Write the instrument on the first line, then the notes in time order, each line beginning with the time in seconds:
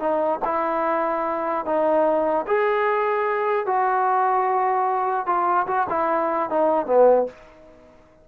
trombone
0.00 D#4
0.45 E4
1.66 D#4
2.47 G#4
3.67 F#4
5.27 F4
5.67 F#4
5.90 E4
6.50 D#4
6.86 B3